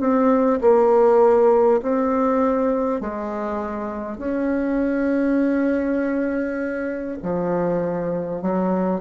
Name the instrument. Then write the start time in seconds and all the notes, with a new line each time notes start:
bassoon
0.00 C4
0.61 A#3
1.82 C4
3.01 G#3
4.18 C#4
7.23 F3
8.42 F#3